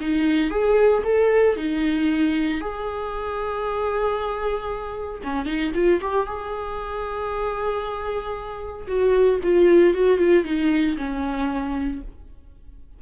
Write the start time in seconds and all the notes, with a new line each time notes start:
0.00 D#4
0.50 G#4
1.04 A4
1.56 D#4
2.60 G#4
5.23 C#4
5.45 D#4
5.74 F4
6.01 G4
6.26 G#4
8.87 F#4
9.43 F4
9.94 F#4
10.18 F4
10.44 D#4
10.97 C#4